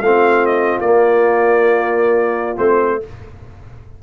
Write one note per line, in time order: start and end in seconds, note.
0.00 0.77 A3
0.00 0.82 C4
0.00 2.99 F4
0.00 0.46 F5
0.46 0.79 D#5
0.80 2.57 A#3
0.80 2.56 A#3
0.80 2.57 D5
2.56 3.02 A3
2.56 3.00 C4
2.56 3.01 C5